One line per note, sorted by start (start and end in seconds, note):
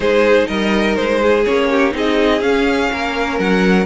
0.00 0.44 G#3
0.00 1.44 D#4
0.00 0.47 G#4
0.00 0.47 C5
0.47 0.97 G3
0.47 1.20 A#4
0.47 0.95 D#5
0.95 1.46 G#3
0.95 1.44 C5
1.22 1.70 G#4
1.45 1.93 A#3
1.45 1.91 C#4
1.45 1.93 C#5
1.70 1.94 G4
1.91 2.41 C4
1.91 2.40 D#4
1.91 2.91 G#4
1.91 2.41 D#5
2.41 2.89 C#4
2.41 3.85 C#4
2.41 3.38 F5
2.91 3.39 A#3
2.91 3.85 A#4
3.39 3.85 F#3
3.39 3.85 F#5